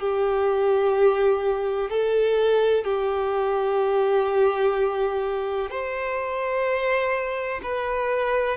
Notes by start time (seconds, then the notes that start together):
0.00 G4
1.90 A4
2.85 G4
5.71 C5
7.63 B4